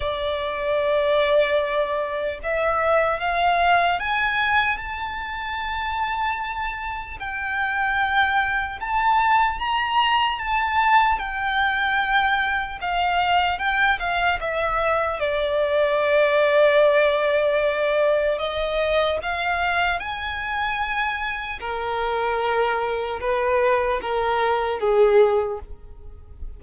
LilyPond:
\new Staff \with { instrumentName = "violin" } { \time 4/4 \tempo 4 = 75 d''2. e''4 | f''4 gis''4 a''2~ | a''4 g''2 a''4 | ais''4 a''4 g''2 |
f''4 g''8 f''8 e''4 d''4~ | d''2. dis''4 | f''4 gis''2 ais'4~ | ais'4 b'4 ais'4 gis'4 | }